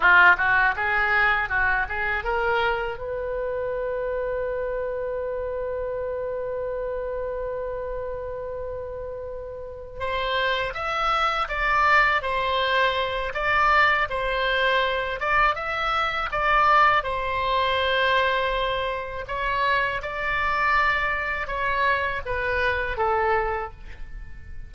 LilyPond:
\new Staff \with { instrumentName = "oboe" } { \time 4/4 \tempo 4 = 81 f'8 fis'8 gis'4 fis'8 gis'8 ais'4 | b'1~ | b'1~ | b'4. c''4 e''4 d''8~ |
d''8 c''4. d''4 c''4~ | c''8 d''8 e''4 d''4 c''4~ | c''2 cis''4 d''4~ | d''4 cis''4 b'4 a'4 | }